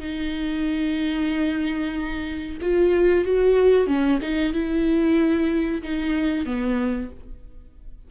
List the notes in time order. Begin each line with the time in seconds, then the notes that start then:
0.00 D#4
2.61 F4
3.25 F#4
3.87 C#4
4.22 D#4
4.53 E4
5.82 D#4
6.45 B3